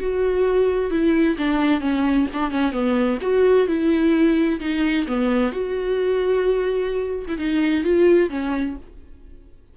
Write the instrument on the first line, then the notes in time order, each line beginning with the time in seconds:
viola
0.00 F#4
0.90 E4
1.38 D4
1.80 C#4
2.33 D4
2.50 C#4
2.72 B3
3.21 F#4
3.67 E4
4.60 D#4
5.07 B3
5.52 F#4
7.27 E4
7.38 D#4
7.83 F4
8.30 C#4